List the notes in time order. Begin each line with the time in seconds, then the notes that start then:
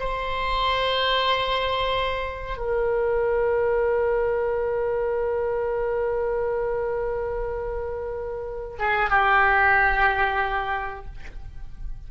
0.00 C5
2.57 A#4
8.79 G#4
9.10 G4